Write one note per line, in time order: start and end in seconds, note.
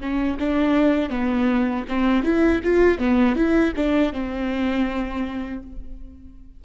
0.00 0.38 C#4
0.39 1.10 D4
1.10 1.85 B3
1.89 2.23 C4
2.23 2.61 E4
2.64 2.99 F4
2.99 3.36 B3
3.36 3.73 E4
3.76 4.13 D4
4.13 5.63 C4